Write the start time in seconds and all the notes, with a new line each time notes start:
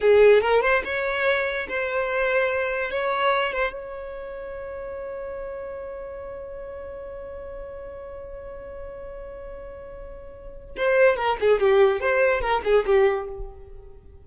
0.00 G#4
0.41 A#4
0.61 C5
0.84 C#5
1.69 C5
2.91 C#5
3.52 C5
3.72 C#5
10.76 C5
11.16 A#4
11.40 G#4
11.60 G4
12.00 C5
12.41 A#4
12.64 G#4
12.86 G4